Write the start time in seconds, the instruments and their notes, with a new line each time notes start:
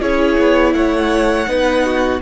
0.00 cello C#4, viola E4, violin G#4 C#5
0.38 cello B3
0.73 cello A3, violin C#5 F#5
1.47 cello B3, viola D#4, violin B4
1.85 violin F#4